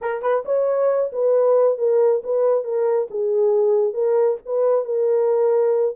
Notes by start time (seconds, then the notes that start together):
0.01 A#4
0.21 B4
0.45 C#5
1.12 B4
1.77 A#4
2.23 B4
2.64 A#4
3.10 G#4
3.93 A#4
4.45 B4
4.84 A#4